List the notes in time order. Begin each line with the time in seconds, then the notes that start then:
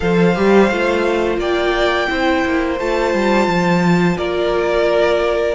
0.00 F3 A4 C5 F5
0.35 G3 G4
0.71 A3 F4
1.37 A#3 D5 G5
2.08 C4 E4 C5
2.45 A#3
2.79 A3 F4 A5
3.14 G3
3.47 F3
4.17 A#3 A#4 D5